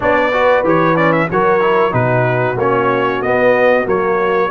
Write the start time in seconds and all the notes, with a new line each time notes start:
0.00 B3 D4 C#5 D5
0.32 F#4 B4
0.63 E3 G4 C#5
0.96 C#4 D5
1.12 E5
1.30 F#3 F#4 A#4 C#5
1.60 E4
1.91 B2 D#4 F#4 B4
2.56 A#3 C#4 C#5
3.22 B3 D#5
3.85 F#3 A#3 C#5